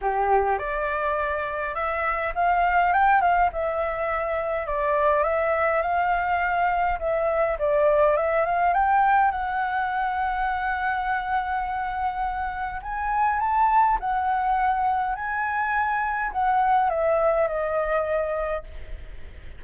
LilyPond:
\new Staff \with { instrumentName = "flute" } { \time 4/4 \tempo 4 = 103 g'4 d''2 e''4 | f''4 g''8 f''8 e''2 | d''4 e''4 f''2 | e''4 d''4 e''8 f''8 g''4 |
fis''1~ | fis''2 gis''4 a''4 | fis''2 gis''2 | fis''4 e''4 dis''2 | }